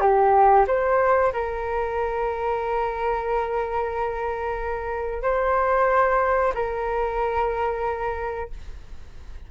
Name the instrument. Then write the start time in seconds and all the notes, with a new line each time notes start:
flute
0.00 G4
0.67 C5
1.33 A#4
5.22 C5
6.54 A#4